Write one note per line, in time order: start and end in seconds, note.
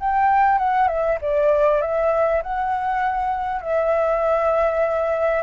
0.00 0.59 G5
0.59 0.88 F#5
0.88 1.18 E5
1.22 1.82 D5
1.82 2.42 E5
2.43 3.62 F#5
3.62 5.43 E5